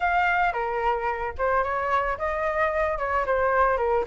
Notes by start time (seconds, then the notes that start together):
0.00 F5
0.52 A#4
1.38 C5
1.63 C#5
2.17 D#5
2.98 C#5
3.26 C5
3.77 A#4